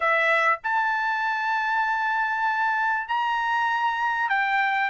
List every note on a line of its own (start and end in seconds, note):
0.00 0.59 E5
0.63 3.08 A5
3.08 4.29 A#5
4.29 4.90 G5